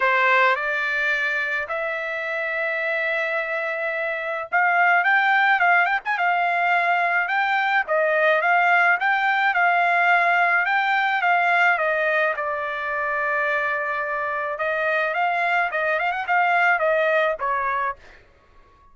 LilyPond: \new Staff \with { instrumentName = "trumpet" } { \time 4/4 \tempo 4 = 107 c''4 d''2 e''4~ | e''1 | f''4 g''4 f''8 g''16 gis''16 f''4~ | f''4 g''4 dis''4 f''4 |
g''4 f''2 g''4 | f''4 dis''4 d''2~ | d''2 dis''4 f''4 | dis''8 f''16 fis''16 f''4 dis''4 cis''4 | }